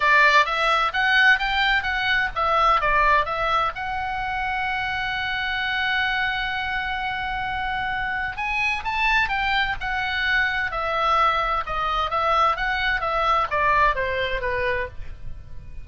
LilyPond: \new Staff \with { instrumentName = "oboe" } { \time 4/4 \tempo 4 = 129 d''4 e''4 fis''4 g''4 | fis''4 e''4 d''4 e''4 | fis''1~ | fis''1~ |
fis''2 gis''4 a''4 | g''4 fis''2 e''4~ | e''4 dis''4 e''4 fis''4 | e''4 d''4 c''4 b'4 | }